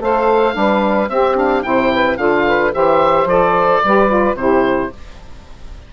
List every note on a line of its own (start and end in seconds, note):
0.00 0.55 A3
0.00 0.53 A4
0.00 0.56 C5
0.00 1.09 F5
0.53 1.09 G3
0.53 1.07 D4
0.53 1.11 B4
1.09 1.64 C4
1.09 1.36 C4
1.09 1.65 G4
1.09 1.37 E5
1.36 1.64 D4
1.36 1.63 F5
1.63 2.18 C3
1.63 2.17 E4
1.63 1.93 C5
1.63 2.17 G5
1.93 2.18 B4
2.17 2.72 D3
2.17 2.71 F4
2.17 2.46 A4
2.17 2.72 F5
2.47 2.74 B4
2.72 3.25 E3
2.72 3.27 G4
2.72 3.84 C5
2.72 3.29 E5
3.25 3.80 F3
3.25 3.83 A4
3.25 4.36 D5
3.85 4.35 G3
3.85 4.08 G4
3.85 4.39 B4
4.08 4.35 F4
4.35 4.89 C3
4.35 4.92 E4
4.35 4.93 G4
4.35 4.91 C5